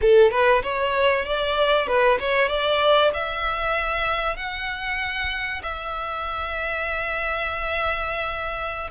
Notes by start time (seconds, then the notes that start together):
0.01 A4
0.31 B4
0.62 C#5
1.25 D5
1.87 B4
2.19 C#5
2.48 D5
3.13 E5
4.36 F#5
5.62 E5